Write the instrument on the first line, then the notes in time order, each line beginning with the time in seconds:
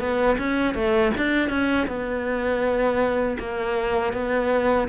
cello
0.00 B3
0.39 C#4
0.75 A3
1.18 D4
1.50 C#4
1.88 B3
3.39 A#3
4.14 B3